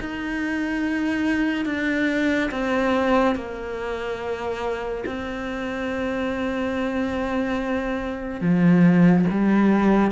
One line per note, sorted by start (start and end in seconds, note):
0.00 1.66 D#4
1.66 2.50 D4
2.51 3.35 C4
3.35 5.04 A#3
5.06 8.41 C4
8.41 9.26 F3
9.30 10.11 G3